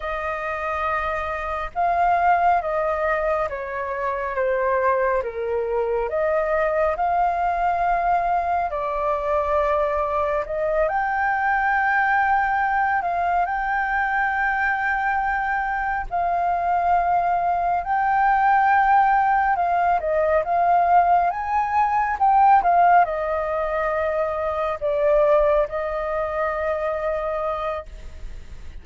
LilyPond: \new Staff \with { instrumentName = "flute" } { \time 4/4 \tempo 4 = 69 dis''2 f''4 dis''4 | cis''4 c''4 ais'4 dis''4 | f''2 d''2 | dis''8 g''2~ g''8 f''8 g''8~ |
g''2~ g''8 f''4.~ | f''8 g''2 f''8 dis''8 f''8~ | f''8 gis''4 g''8 f''8 dis''4.~ | dis''8 d''4 dis''2~ dis''8 | }